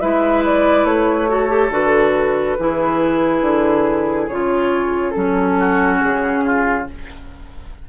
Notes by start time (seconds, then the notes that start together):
0.00 G#3 E4 B4 E5
0.45 D5
0.84 A3 C#5
1.28 F#4 A4
1.49 G4
1.70 D3 F#4 B4
2.58 E3 E4 G#4
3.42 D3
4.28 C#3 F4 C#5
5.11 F#3 C#4 A4
5.59 F#4
6.01 C#3 G#4
6.46 F4